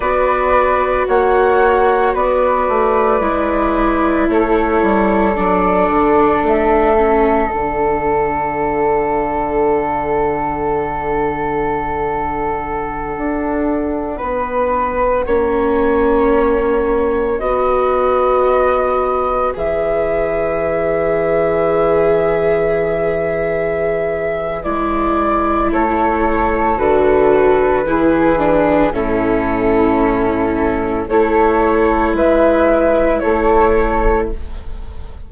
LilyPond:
<<
  \new Staff \with { instrumentName = "flute" } { \time 4/4 \tempo 4 = 56 d''4 fis''4 d''2 | cis''4 d''4 e''4 fis''4~ | fis''1~ | fis''1~ |
fis''16 dis''2 e''4.~ e''16~ | e''2. d''4 | cis''4 b'2 a'4~ | a'4 cis''4 e''4 cis''4 | }
  \new Staff \with { instrumentName = "flute" } { \time 4/4 b'4 cis''4 b'2 | a'1~ | a'1~ | a'4~ a'16 b'4 cis''4.~ cis''16~ |
cis''16 b'2.~ b'8.~ | b'1 | a'2 gis'4 e'4~ | e'4 a'4 b'4 a'4 | }
  \new Staff \with { instrumentName = "viola" } { \time 4/4 fis'2. e'4~ | e'4 d'4. cis'8 d'4~ | d'1~ | d'2~ d'16 cis'4.~ cis'16~ |
cis'16 fis'2 gis'4.~ gis'16~ | gis'2. e'4~ | e'4 fis'4 e'8 d'8 cis'4~ | cis'4 e'2. | }
  \new Staff \with { instrumentName = "bassoon" } { \time 4/4 b4 ais4 b8 a8 gis4 | a8 g8 fis8 d8 a4 d4~ | d1~ | d16 d'4 b4 ais4.~ ais16~ |
ais16 b2 e4.~ e16~ | e2. gis4 | a4 d4 e4 a,4~ | a,4 a4 gis4 a4 | }
>>